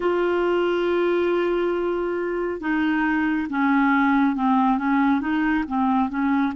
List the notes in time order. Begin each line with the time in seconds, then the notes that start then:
0.00 F4
2.60 D#4
3.49 C#4
4.35 C4
4.78 C#4
5.21 D#4
5.68 C4
6.09 C#4